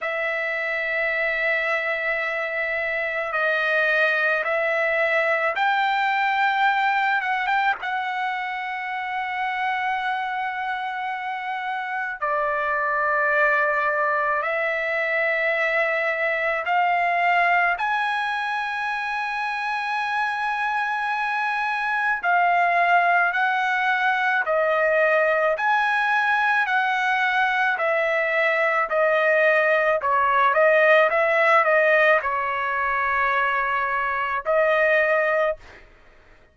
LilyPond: \new Staff \with { instrumentName = "trumpet" } { \time 4/4 \tempo 4 = 54 e''2. dis''4 | e''4 g''4. fis''16 g''16 fis''4~ | fis''2. d''4~ | d''4 e''2 f''4 |
gis''1 | f''4 fis''4 dis''4 gis''4 | fis''4 e''4 dis''4 cis''8 dis''8 | e''8 dis''8 cis''2 dis''4 | }